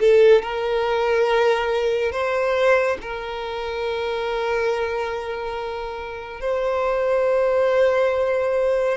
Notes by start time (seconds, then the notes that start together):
0.00 A4
0.42 A#4
2.12 C5
3.01 A#4
6.41 C5